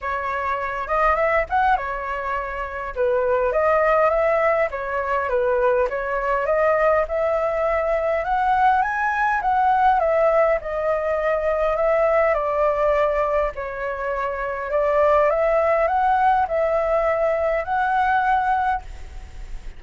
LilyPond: \new Staff \with { instrumentName = "flute" } { \time 4/4 \tempo 4 = 102 cis''4. dis''8 e''8 fis''8 cis''4~ | cis''4 b'4 dis''4 e''4 | cis''4 b'4 cis''4 dis''4 | e''2 fis''4 gis''4 |
fis''4 e''4 dis''2 | e''4 d''2 cis''4~ | cis''4 d''4 e''4 fis''4 | e''2 fis''2 | }